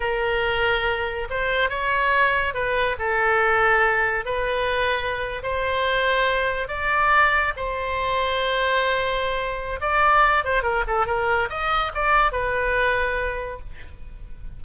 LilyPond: \new Staff \with { instrumentName = "oboe" } { \time 4/4 \tempo 4 = 141 ais'2. c''4 | cis''2 b'4 a'4~ | a'2 b'2~ | b'8. c''2. d''16~ |
d''4.~ d''16 c''2~ c''16~ | c''2. d''4~ | d''8 c''8 ais'8 a'8 ais'4 dis''4 | d''4 b'2. | }